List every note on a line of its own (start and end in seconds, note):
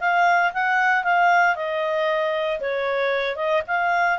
0.00 0.52 F5
0.54 1.04 F#5
1.04 1.55 F5
1.55 2.60 D#5
2.60 3.36 C#5
3.36 3.62 D#5
3.67 4.19 F5